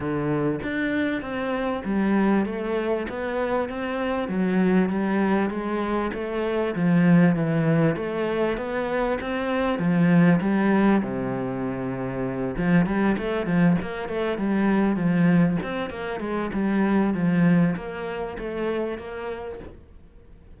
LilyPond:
\new Staff \with { instrumentName = "cello" } { \time 4/4 \tempo 4 = 98 d4 d'4 c'4 g4 | a4 b4 c'4 fis4 | g4 gis4 a4 f4 | e4 a4 b4 c'4 |
f4 g4 c2~ | c8 f8 g8 a8 f8 ais8 a8 g8~ | g8 f4 c'8 ais8 gis8 g4 | f4 ais4 a4 ais4 | }